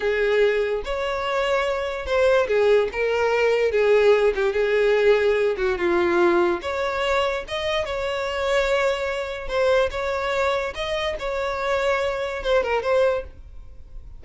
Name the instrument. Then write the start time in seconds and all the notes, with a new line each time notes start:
violin
0.00 G#4
0.84 C#5
2.05 C5
2.47 G#4
2.92 A#4
3.71 G#4
4.35 G4
4.52 G#4
5.57 F#4
5.77 F4
6.61 C#5
7.48 D#5
7.85 C#5
9.48 C5
9.90 C#5
10.74 D#5
11.19 C#5
12.43 C5
12.63 A#4
12.82 C5